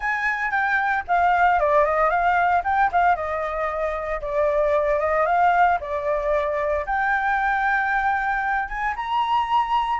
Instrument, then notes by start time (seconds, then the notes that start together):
flute
0.00 G#5
0.50 G5
1.07 F5
1.59 D5
1.84 D#5
2.10 F5
2.63 G5
2.92 F5
3.15 D#5
4.21 D5
4.99 D#5
5.25 F5
5.80 D5
6.85 G5
8.68 G#5
8.96 A#5